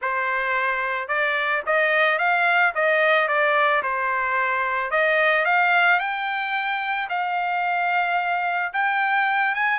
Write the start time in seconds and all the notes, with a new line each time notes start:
0.01 C5
1.08 D5
1.65 D#5
2.18 F5
2.74 D#5
3.28 D5
3.82 C5
4.90 D#5
5.45 F5
5.99 G5
7.09 F5
8.73 G5
9.55 G#5